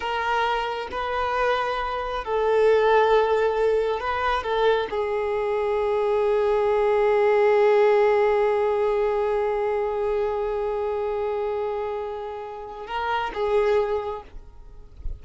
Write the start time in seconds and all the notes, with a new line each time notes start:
0.00 A#4
0.91 B4
2.24 A4
4.00 B4
4.43 A4
4.90 G#4
12.87 A#4
13.33 G#4